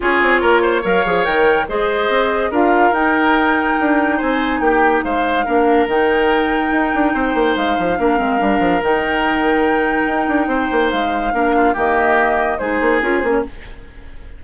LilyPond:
<<
  \new Staff \with { instrumentName = "flute" } { \time 4/4 \tempo 4 = 143 cis''2 f''4 g''4 | dis''2 f''4 g''4~ | g''2 gis''4 g''4 | f''2 g''2~ |
g''2 f''2~ | f''4 g''2.~ | g''2 f''2 | dis''2 c''4 ais'8 c''16 cis''16 | }
  \new Staff \with { instrumentName = "oboe" } { \time 4/4 gis'4 ais'8 c''8 cis''2 | c''2 ais'2~ | ais'2 c''4 g'4 | c''4 ais'2.~ |
ais'4 c''2 ais'4~ | ais'1~ | ais'4 c''2 ais'8 f'8 | g'2 gis'2 | }
  \new Staff \with { instrumentName = "clarinet" } { \time 4/4 f'2 ais'8 gis'8 ais'4 | gis'2 f'4 dis'4~ | dis'1~ | dis'4 d'4 dis'2~ |
dis'2. d'8 c'8 | d'4 dis'2.~ | dis'2. d'4 | ais2 dis'4 f'8 cis'8 | }
  \new Staff \with { instrumentName = "bassoon" } { \time 4/4 cis'8 c'8 ais4 fis8 f8 dis4 | gis4 c'4 d'4 dis'4~ | dis'4 d'4 c'4 ais4 | gis4 ais4 dis2 |
dis'8 d'8 c'8 ais8 gis8 f8 ais8 gis8 | g8 f8 dis2. | dis'8 d'8 c'8 ais8 gis4 ais4 | dis2 gis8 ais8 cis'8 ais8 | }
>>